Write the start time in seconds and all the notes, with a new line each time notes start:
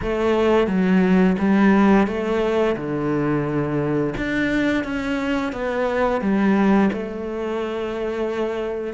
0.02 A3
0.67 F#3
1.38 G3
2.07 A3
2.76 D3
4.17 D4
4.84 C#4
5.52 B3
6.21 G3
6.92 A3